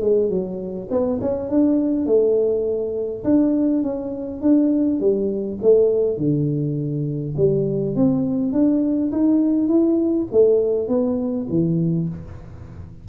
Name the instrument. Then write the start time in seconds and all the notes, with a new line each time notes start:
tuba
0.00 G#3
0.29 F#3
0.90 B3
1.21 C#4
1.49 D4
2.06 A3
3.24 D4
3.83 C#4
4.41 D4
5.00 G3
5.62 A3
6.17 D3
7.37 G3
7.95 C4
8.52 D4
9.11 D#4
9.68 E4
10.32 A3
10.88 B3
11.50 E3